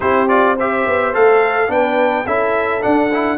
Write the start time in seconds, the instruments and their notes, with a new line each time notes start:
0.00 tuba C4, trombone E4, horn G4, trumpet C5
0.28 trombone F4, trumpet D5
0.56 trombone G4, horn C5, trumpet E5
0.87 tuba B3
1.13 tuba A3, trombone A4, trumpet F5
1.68 tuba B3, trombone D4, horn B4, trumpet G5
2.25 tuba C#4, trombone E4, horn A4, trumpet E5
2.81 trombone D4, tuba D4, trumpet F#5
3.13 trombone E4